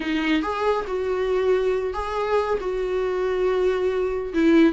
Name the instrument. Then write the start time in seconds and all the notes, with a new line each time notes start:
viola
0.00 D#4
0.42 G#4
0.87 F#4
1.93 G#4
2.60 F#4
4.33 E4